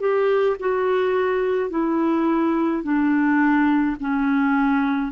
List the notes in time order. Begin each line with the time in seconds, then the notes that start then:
0.00 G4
0.60 F#4
1.70 E4
2.84 D4
4.00 C#4